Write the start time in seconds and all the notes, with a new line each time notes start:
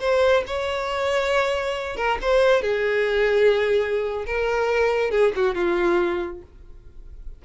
0.00 C5
0.47 C#5
1.96 A#4
2.21 C5
2.62 G#4
4.26 A#4
5.11 G#4
5.36 F#4
5.55 F4